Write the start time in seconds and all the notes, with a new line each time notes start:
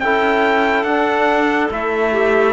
0.00 C#4 E4 A4 G5
0.83 D4 F#5
1.71 A3 E4 E5
2.12 G4